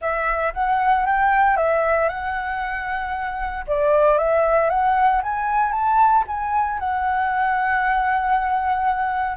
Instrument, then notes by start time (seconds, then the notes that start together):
flute
0.01 E5
0.53 F#5
1.06 G5
1.57 E5
2.08 F#5
3.67 D5
4.17 E5
4.69 F#5
5.22 G#5
5.71 A5
6.27 G#5
6.79 F#5